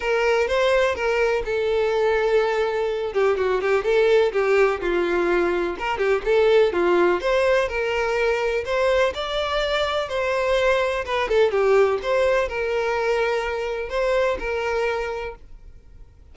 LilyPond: \new Staff \with { instrumentName = "violin" } { \time 4/4 \tempo 4 = 125 ais'4 c''4 ais'4 a'4~ | a'2~ a'8 g'8 fis'8 g'8 | a'4 g'4 f'2 | ais'8 g'8 a'4 f'4 c''4 |
ais'2 c''4 d''4~ | d''4 c''2 b'8 a'8 | g'4 c''4 ais'2~ | ais'4 c''4 ais'2 | }